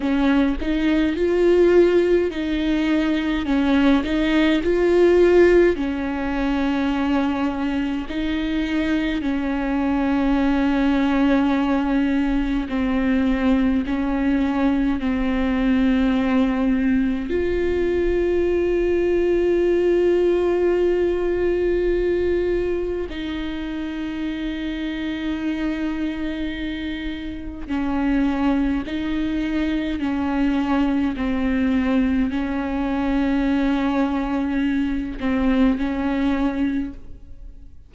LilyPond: \new Staff \with { instrumentName = "viola" } { \time 4/4 \tempo 4 = 52 cis'8 dis'8 f'4 dis'4 cis'8 dis'8 | f'4 cis'2 dis'4 | cis'2. c'4 | cis'4 c'2 f'4~ |
f'1 | dis'1 | cis'4 dis'4 cis'4 c'4 | cis'2~ cis'8 c'8 cis'4 | }